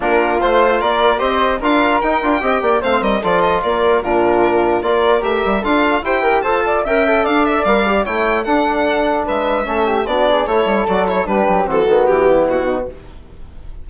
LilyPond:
<<
  \new Staff \with { instrumentName = "violin" } { \time 4/4 \tempo 4 = 149 ais'4 c''4 d''4 dis''4 | f''4 g''2 f''8 dis''8 | d''8 dis''8 d''4 ais'2 | d''4 e''4 f''4 g''4 |
a''4 g''4 f''8 e''8 f''4 | g''4 fis''2 e''4~ | e''4 d''4 cis''4 d''8 cis''8 | b'4 a'4 g'4 fis'4 | }
  \new Staff \with { instrumentName = "flute" } { \time 4/4 f'2 ais'4 c''4 | ais'2 dis''8 d''8 c''8 ais'8 | a'4 ais'4 f'2 | ais'2 a'4 g'4 |
c''8 d''8 e''4 d''2 | cis''4 a'2 b'4 | a'8 g'8 fis'8 gis'8 a'2 | g'4 fis'4. e'4 dis'8 | }
  \new Staff \with { instrumentName = "trombone" } { \time 4/4 d'4 f'2 g'4 | f'4 dis'8 f'8 g'4 c'4 | f'2 d'2 | f'4 g'4 f'4 c''8 ais'8 |
a'4 ais'8 a'4. ais'8 g'8 | e'4 d'2. | cis'4 d'4 e'4 fis'8 e'8 | d'4 c'8 b2~ b8 | }
  \new Staff \with { instrumentName = "bassoon" } { \time 4/4 ais4 a4 ais4 c'4 | d'4 dis'8 d'8 c'8 ais8 a8 g8 | f4 ais4 ais,2 | ais4 a8 g8 d'4 e'4 |
f'4 cis'4 d'4 g4 | a4 d'2 gis4 | a4 b4 a8 g8 fis4 | g8 fis8 e8 dis8 e4 b,4 | }
>>